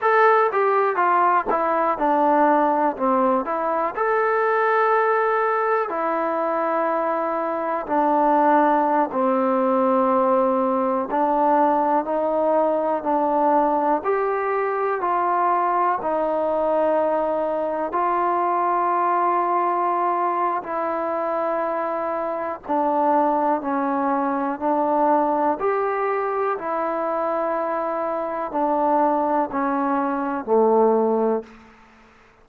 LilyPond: \new Staff \with { instrumentName = "trombone" } { \time 4/4 \tempo 4 = 61 a'8 g'8 f'8 e'8 d'4 c'8 e'8 | a'2 e'2 | d'4~ d'16 c'2 d'8.~ | d'16 dis'4 d'4 g'4 f'8.~ |
f'16 dis'2 f'4.~ f'16~ | f'4 e'2 d'4 | cis'4 d'4 g'4 e'4~ | e'4 d'4 cis'4 a4 | }